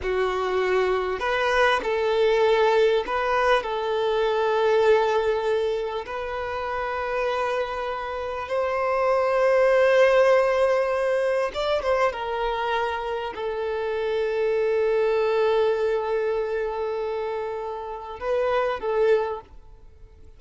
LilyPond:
\new Staff \with { instrumentName = "violin" } { \time 4/4 \tempo 4 = 99 fis'2 b'4 a'4~ | a'4 b'4 a'2~ | a'2 b'2~ | b'2 c''2~ |
c''2. d''8 c''8 | ais'2 a'2~ | a'1~ | a'2 b'4 a'4 | }